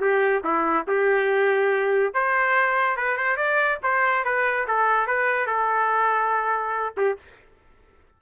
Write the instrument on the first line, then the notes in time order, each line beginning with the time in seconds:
trumpet
0.00 G4
0.43 E4
0.87 G4
2.13 C5
2.96 B4
3.17 C5
3.36 D5
3.82 C5
4.24 B4
4.67 A4
5.07 B4
5.46 A4
6.96 G4